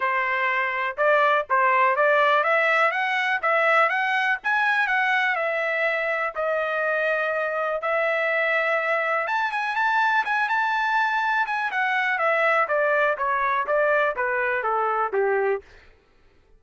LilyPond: \new Staff \with { instrumentName = "trumpet" } { \time 4/4 \tempo 4 = 123 c''2 d''4 c''4 | d''4 e''4 fis''4 e''4 | fis''4 gis''4 fis''4 e''4~ | e''4 dis''2. |
e''2. a''8 gis''8 | a''4 gis''8 a''2 gis''8 | fis''4 e''4 d''4 cis''4 | d''4 b'4 a'4 g'4 | }